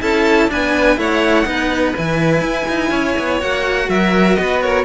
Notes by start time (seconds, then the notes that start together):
0.00 C#4 E4 A4 A5
0.48 B3 D4 B4 G#5
0.97 A3 E4 C#5 F#5
1.46 B3 D#4 B4
1.96 E3 E4 G#5
2.41 E4
2.68 D#4
2.90 C#4 C#5
3.19 B3
3.40 A#3 F#4 F#5
3.88 F#3 A#4 E5
4.35 B3 B4 D#5
4.61 A#4 C#5